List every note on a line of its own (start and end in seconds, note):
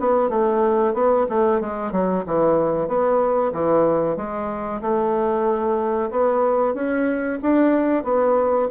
0.00 0.30 B3
0.30 0.94 A3
0.94 1.26 B3
1.29 1.61 A3
1.61 1.92 G#3
1.92 2.24 F#3
2.26 2.88 E3
2.88 3.52 B3
3.53 4.17 E3
4.17 4.81 G#3
4.82 6.11 A3
6.11 6.74 B3
6.74 7.39 C#4
7.43 8.04 D4
8.04 8.69 B3